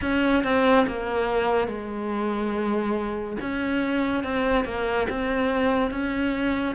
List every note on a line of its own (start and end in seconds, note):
0.01 0.43 C#4
0.43 0.86 C4
0.87 1.67 A#3
1.67 3.36 G#3
3.40 4.23 C#4
4.23 4.64 C4
4.64 5.07 A#3
5.09 5.90 C4
5.90 6.75 C#4